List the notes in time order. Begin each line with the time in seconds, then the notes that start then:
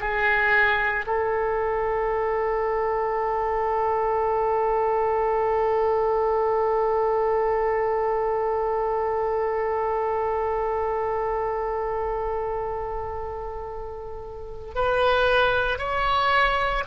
0.00 G#4
1.06 A4
14.75 B4
15.78 C#5